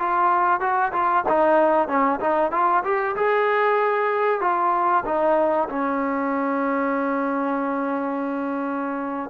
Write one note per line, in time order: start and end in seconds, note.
0.00 0.61 F4
0.61 0.93 F#4
0.93 1.25 F4
1.29 1.89 D#4
1.89 2.20 C#4
2.20 2.52 D#4
2.52 2.84 F4
2.84 3.16 G4
3.17 4.42 G#4
4.42 5.05 F4
5.06 5.69 D#4
5.70 9.30 C#4